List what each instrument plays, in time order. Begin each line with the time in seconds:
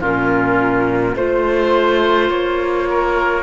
0.00 cello A#2, clarinet C#4, oboe F4, flute A#4
1.16 cello A3, clarinet F4, oboe C5, flute C5
2.30 cello A#3, flute C#5
2.90 oboe A#4